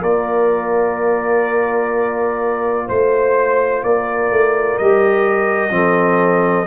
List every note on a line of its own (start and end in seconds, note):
0.00 2.88 A#3
0.00 4.79 F4
0.00 2.86 A#4
0.00 2.88 D5
2.86 3.83 A3
2.86 3.81 C5
2.86 3.83 C5
3.83 4.30 A#3
3.83 5.74 A#4
3.83 4.78 D5
4.30 4.78 A3
4.78 5.70 G3
4.78 5.70 G4
4.78 6.66 D#5
5.70 6.65 F3
5.70 6.65 C4
5.70 6.66 A4